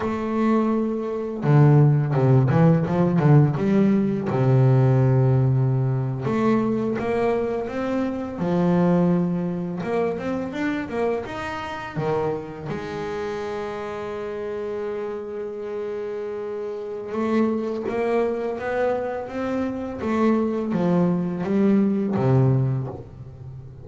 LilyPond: \new Staff \with { instrumentName = "double bass" } { \time 4/4 \tempo 4 = 84 a2 d4 c8 e8 | f8 d8 g4 c2~ | c8. a4 ais4 c'4 f16~ | f4.~ f16 ais8 c'8 d'8 ais8 dis'16~ |
dis'8. dis4 gis2~ gis16~ | gis1 | a4 ais4 b4 c'4 | a4 f4 g4 c4 | }